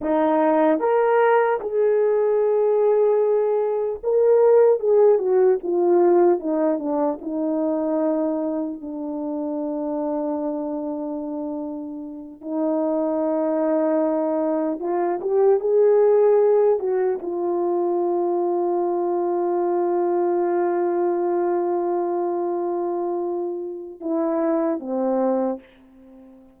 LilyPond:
\new Staff \with { instrumentName = "horn" } { \time 4/4 \tempo 4 = 75 dis'4 ais'4 gis'2~ | gis'4 ais'4 gis'8 fis'8 f'4 | dis'8 d'8 dis'2 d'4~ | d'2.~ d'8 dis'8~ |
dis'2~ dis'8 f'8 g'8 gis'8~ | gis'4 fis'8 f'2~ f'8~ | f'1~ | f'2 e'4 c'4 | }